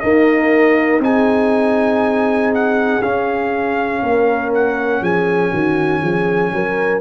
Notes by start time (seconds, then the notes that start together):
0.00 A#3 D#4 A#4 D#5
0.99 C4 D#4 G#4 G#5
2.54 F#5
3.02 C#4 F5
4.03 A#3 A#4
4.54 F#5
5.01 F3 G#4 G#5
5.51 D#3 F#4
6.01 F3 G#4
6.53 F#3 A#4